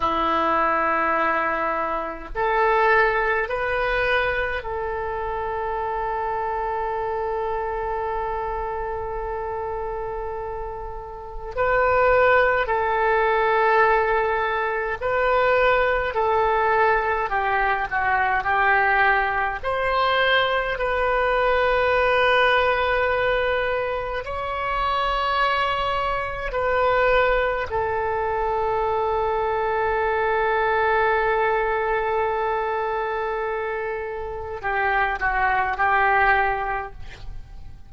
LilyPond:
\new Staff \with { instrumentName = "oboe" } { \time 4/4 \tempo 4 = 52 e'2 a'4 b'4 | a'1~ | a'2 b'4 a'4~ | a'4 b'4 a'4 g'8 fis'8 |
g'4 c''4 b'2~ | b'4 cis''2 b'4 | a'1~ | a'2 g'8 fis'8 g'4 | }